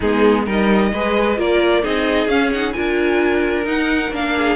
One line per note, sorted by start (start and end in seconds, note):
0.00 0.46 G#3
0.00 0.46 B3
0.00 0.44 D#4
0.00 0.47 G#4
0.44 0.92 G3
0.44 0.92 D#4
0.44 0.90 A#4
0.51 1.40 D#5
0.92 1.37 G#3
0.92 1.37 G#4
0.92 1.38 B4
1.37 1.83 A#3
1.37 1.83 F4
1.37 1.83 A#4
1.37 1.84 D5
1.83 2.27 C4
1.83 2.28 D#4
1.83 2.74 G#4
1.83 2.28 D#5
2.27 2.73 C#4
2.27 2.51 C#4
2.27 2.51 F5
2.51 2.72 D#4
2.51 2.72 F#5
2.72 3.67 D4
2.72 3.63 F4
2.72 4.35 A#4
2.72 3.64 G#5
3.63 4.09 D#4
3.63 4.11 D#4
3.63 4.13 F#5
4.11 4.55 A#3
4.11 4.55 D4
4.11 4.55 F5
4.37 4.55 G#4